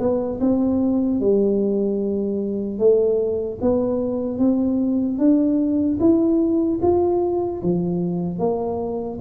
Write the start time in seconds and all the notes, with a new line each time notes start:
0.00 B3
0.41 C4
1.21 G3
2.79 A3
3.61 B3
4.39 C4
5.19 D4
6.00 E4
6.82 F4
7.63 F3
8.39 A#3